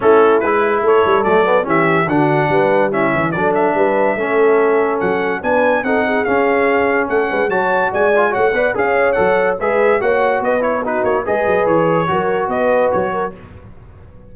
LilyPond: <<
  \new Staff \with { instrumentName = "trumpet" } { \time 4/4 \tempo 4 = 144 a'4 b'4 cis''4 d''4 | e''4 fis''2 e''4 | d''8 e''2.~ e''8 | fis''4 gis''4 fis''4 f''4~ |
f''4 fis''4 a''4 gis''4 | fis''4 f''4 fis''4 e''4 | fis''4 dis''8 cis''8 b'8 cis''8 dis''4 | cis''2 dis''4 cis''4 | }
  \new Staff \with { instrumentName = "horn" } { \time 4/4 e'2 a'2 | g'4 fis'4 b'4 e'4 | a'4 b'4 a'2~ | a'4 b'4 a'8 gis'4.~ |
gis'4 a'8 b'8 cis''4 d''4 | cis''8 d''8 cis''2 b'4 | cis''4 b'4 fis'4 b'4~ | b'4 ais'4 b'4. ais'8 | }
  \new Staff \with { instrumentName = "trombone" } { \time 4/4 cis'4 e'2 a8 b8 | cis'4 d'2 cis'4 | d'2 cis'2~ | cis'4 d'4 dis'4 cis'4~ |
cis'2 fis'4. f'8 | fis'8 b'8 gis'4 a'4 gis'4 | fis'4. e'8 dis'4 gis'4~ | gis'4 fis'2. | }
  \new Staff \with { instrumentName = "tuba" } { \time 4/4 a4 gis4 a8 g8 fis4 | e4 d4 g4. e8 | fis4 g4 a2 | fis4 b4 c'4 cis'4~ |
cis'4 a8 gis8 fis4 gis4 | a8 b8 cis'4 fis4 gis4 | ais4 b4. ais8 gis8 fis8 | e4 fis4 b4 fis4 | }
>>